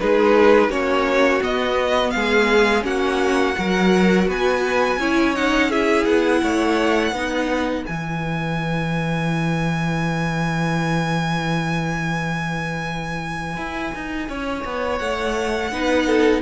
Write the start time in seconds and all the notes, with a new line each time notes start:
0.00 G#3 D#4 G#4 B4
0.69 A#3 C#4 F#4 C#5
1.41 B3 D#5
2.11 G#3 G#4 F5
2.82 A#3 C#4 F#4 F#5
3.57 F#3 F#4 A#4
4.28 B3 B4 G#5
4.97 C#4 E4 C#5
5.35 D#4 F#5
5.70 E4 G#4 E5
6.06 B3 F#5
6.42 A3 C#5
7.12 B3 D#4 B4
7.86 E3 E4 G#5
13.57 E4
13.95 D#4
14.29 C#4 C#5
14.65 B3
14.98 A3 F#5
15.72 B3 D#4 B4
16.07 A4